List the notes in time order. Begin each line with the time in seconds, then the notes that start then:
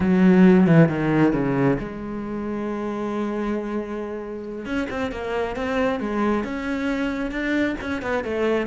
0.00 F#3
0.66 E3
0.88 D#3
1.33 C#3
1.79 G#3
4.65 C#4
4.90 C4
5.11 A#3
5.56 C4
6.00 G#3
6.44 C#4
7.31 D4
7.80 C#4
8.01 B3
8.24 A3